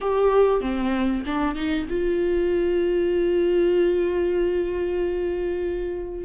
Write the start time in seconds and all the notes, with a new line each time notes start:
0.00 G4
0.61 C4
1.26 D4
1.55 D#4
1.89 F4